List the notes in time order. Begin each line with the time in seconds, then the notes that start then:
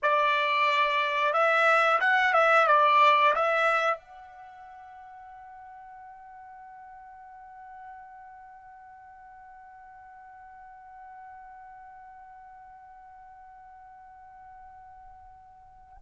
0.02 D5
1.33 E5
2.00 F#5
2.33 E5
2.67 D5
3.35 E5
3.97 F#5